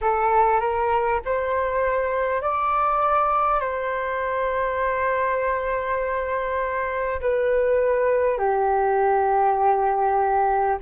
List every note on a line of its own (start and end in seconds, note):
0.01 0.60 A4
0.60 1.20 A#4
1.25 2.41 C5
2.41 3.60 D5
3.60 7.20 C5
7.20 8.38 B4
8.38 10.78 G4